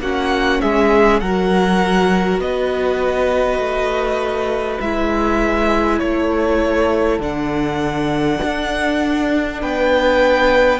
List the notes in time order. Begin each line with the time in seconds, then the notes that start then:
0.00 A#3 C#4 F#4 F#5
0.61 G#3 G#4 E5
1.20 F#3 F#4 A#4 F#5
2.39 B3 B4 D#5
3.59 A3
4.81 G#3 E4 E5
6.00 A3 A4 C#5
7.20 D3 D4 F#5
8.44 D4
9.62 B3 B4 G5